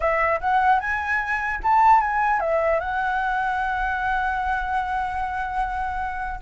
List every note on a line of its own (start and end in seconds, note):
0.00 0.39 E5
0.40 0.79 F#5
0.79 1.59 G#5
1.63 2.01 A5
2.01 2.40 G#5
2.40 2.80 E5
2.80 6.40 F#5